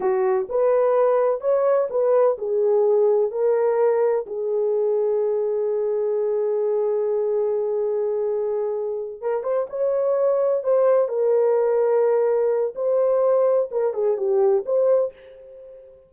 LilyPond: \new Staff \with { instrumentName = "horn" } { \time 4/4 \tempo 4 = 127 fis'4 b'2 cis''4 | b'4 gis'2 ais'4~ | ais'4 gis'2.~ | gis'1~ |
gis'2.~ gis'8 ais'8 | c''8 cis''2 c''4 ais'8~ | ais'2. c''4~ | c''4 ais'8 gis'8 g'4 c''4 | }